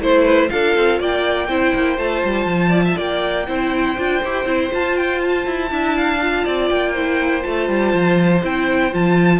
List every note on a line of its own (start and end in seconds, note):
0.00 0.50 A3
0.00 0.49 E4
0.00 0.23 C5
0.00 0.50 C5
0.23 0.48 B4
0.49 0.76 D4
0.49 1.48 F4
0.49 0.99 A4
0.49 0.99 F5
0.76 1.00 C4
0.99 1.48 A#3
0.99 1.49 D5
0.99 1.98 G5
1.48 1.73 C4
1.48 1.97 E4
1.48 2.69 C5
1.74 1.97 A#3
1.97 2.22 A3
1.97 3.45 F4
1.97 2.97 A5
2.24 2.45 G3
2.45 2.95 F3
2.69 2.81 D5
2.84 2.97 E5
2.97 3.48 A#3
2.97 3.46 D5
2.97 4.72 G5
3.47 3.97 C4
3.47 3.97 E4
3.47 5.71 C5
3.97 4.23 D4
3.97 4.22 F4
4.23 4.45 E4
4.23 4.46 G4
4.45 4.69 C4
4.45 4.70 E4
4.70 5.68 F4
4.70 5.46 F4
4.70 4.96 A5
4.96 5.21 G5
5.21 6.69 A5
5.46 5.70 E4
5.68 6.45 D4
5.68 6.18 E4
5.68 5.96 E5
5.97 6.45 F5
6.22 6.96 F4
6.45 6.70 C4
6.45 6.92 D5
6.69 7.45 A#3
6.69 7.42 G5
6.92 7.41 E4
6.92 9.40 C5
7.41 7.69 A3
7.41 8.40 F4
7.41 8.42 A5
7.69 7.93 G3
7.93 8.43 F3
8.43 8.93 C4
8.43 8.91 E4
8.43 8.94 G5
8.91 9.40 F3
8.91 9.40 F4
8.91 9.40 A5